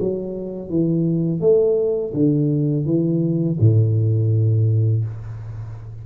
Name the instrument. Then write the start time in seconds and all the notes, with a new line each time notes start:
tuba
0.00 F#3
0.69 E3
1.41 A3
2.14 D3
2.86 E3
3.60 A2